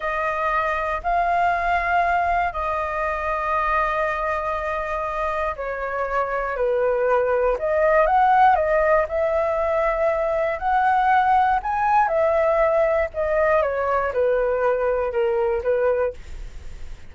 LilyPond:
\new Staff \with { instrumentName = "flute" } { \time 4/4 \tempo 4 = 119 dis''2 f''2~ | f''4 dis''2.~ | dis''2. cis''4~ | cis''4 b'2 dis''4 |
fis''4 dis''4 e''2~ | e''4 fis''2 gis''4 | e''2 dis''4 cis''4 | b'2 ais'4 b'4 | }